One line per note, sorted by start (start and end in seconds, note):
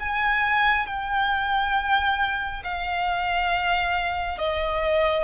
0.00 0.87 G#5
0.87 2.63 G5
2.64 4.39 F5
4.39 5.24 D#5